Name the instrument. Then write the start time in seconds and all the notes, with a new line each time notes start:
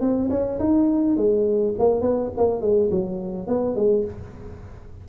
tuba
0.00 C4
0.30 C#4
0.59 D#4
1.16 G#3
1.79 A#3
2.01 B3
2.37 A#3
2.61 G#3
2.91 F#3
3.47 B3
3.75 G#3